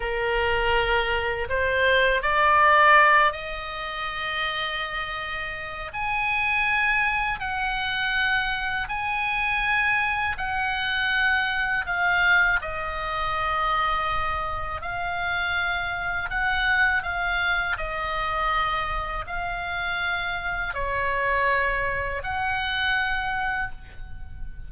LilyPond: \new Staff \with { instrumentName = "oboe" } { \time 4/4 \tempo 4 = 81 ais'2 c''4 d''4~ | d''8 dis''2.~ dis''8 | gis''2 fis''2 | gis''2 fis''2 |
f''4 dis''2. | f''2 fis''4 f''4 | dis''2 f''2 | cis''2 fis''2 | }